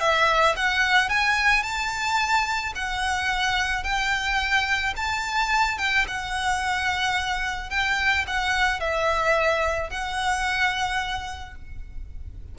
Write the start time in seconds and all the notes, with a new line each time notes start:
0.00 E5
0.56 F#5
1.09 G#5
1.63 A5
2.75 F#5
3.84 G5
4.96 A5
5.78 G5
6.08 F#5
7.70 G5
8.27 F#5
8.80 E5
9.90 F#5